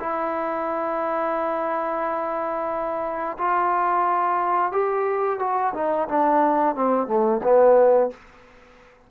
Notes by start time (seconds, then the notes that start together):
0.00 E4
3.38 F4
4.72 G4
5.39 F#4
5.74 D#4
6.08 D4
6.75 C4
7.07 A3
7.43 B3